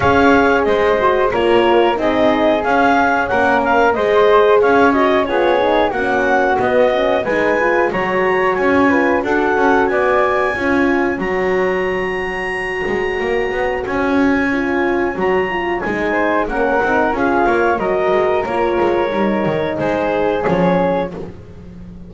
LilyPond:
<<
  \new Staff \with { instrumentName = "clarinet" } { \time 4/4 \tempo 4 = 91 f''4 dis''4 cis''4 dis''4 | f''4 fis''8 f''8 dis''4 f''8 dis''8 | cis''4 fis''4 dis''4 gis''4 | ais''4 gis''4 fis''4 gis''4~ |
gis''4 ais''2.~ | ais''4 gis''2 ais''4 | gis''4 fis''4 f''4 dis''4 | cis''2 c''4 cis''4 | }
  \new Staff \with { instrumentName = "flute" } { \time 4/4 cis''4 c''4 ais'4 gis'4~ | gis'4 ais'4 c''4 cis''4 | gis'4 fis'2 b'4 | cis''4. b'8 a'4 d''4 |
cis''1~ | cis''1~ | cis''8 c''8 ais'4 gis'8 cis''8 ais'4~ | ais'2 gis'2 | }
  \new Staff \with { instrumentName = "horn" } { \time 4/4 gis'4. fis'8 f'4 dis'4 | cis'2 gis'4. fis'8 | f'8 dis'8 cis'4 b8 cis'8 dis'8 f'8 | fis'4. f'8 fis'2 |
f'4 fis'2.~ | fis'2 f'4 fis'8 f'8 | dis'4 cis'8 dis'8 f'4 fis'4 | f'4 dis'2 cis'4 | }
  \new Staff \with { instrumentName = "double bass" } { \time 4/4 cis'4 gis4 ais4 c'4 | cis'4 ais4 gis4 cis'4 | b4 ais4 b4 gis4 | fis4 cis'4 d'8 cis'8 b4 |
cis'4 fis2~ fis8 gis8 | ais8 b8 cis'2 fis4 | gis4 ais8 c'8 cis'8 ais8 fis8 gis8 | ais8 gis8 g8 dis8 gis4 f4 | }
>>